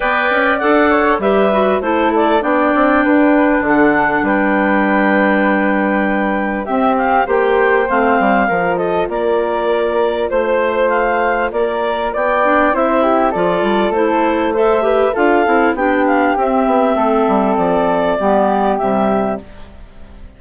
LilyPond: <<
  \new Staff \with { instrumentName = "clarinet" } { \time 4/4 \tempo 4 = 99 g''4 fis''4 e''4 c''8 d''8 | g''2 fis''4 g''4~ | g''2. e''8 f''8 | g''4 f''4. dis''8 d''4~ |
d''4 c''4 f''4 d''4 | g''4 e''4 d''4 c''4 | e''4 f''4 g''8 f''8 e''4~ | e''4 d''2 e''4 | }
  \new Staff \with { instrumentName = "flute" } { \time 4/4 d''4. cis''8 b'4 a'4 | d''4 b'4 a'4 b'4~ | b'2. g'4 | c''2 ais'8 a'8 ais'4~ |
ais'4 c''2 ais'4 | d''4 c''8 g'8 a'2 | c''8 b'8 a'4 g'2 | a'2 g'2 | }
  \new Staff \with { instrumentName = "clarinet" } { \time 4/4 b'4 a'4 g'8 fis'8 e'4 | d'1~ | d'2. c'4 | g'4 c'4 f'2~ |
f'1~ | f'8 d'8 e'4 f'4 e'4 | a'8 g'8 f'8 e'8 d'4 c'4~ | c'2 b4 g4 | }
  \new Staff \with { instrumentName = "bassoon" } { \time 4/4 b8 cis'8 d'4 g4 a4 | b8 c'8 d'4 d4 g4~ | g2. c'4 | ais4 a8 g8 f4 ais4~ |
ais4 a2 ais4 | b4 c'4 f8 g8 a4~ | a4 d'8 c'8 b4 c'8 b8 | a8 g8 f4 g4 c4 | }
>>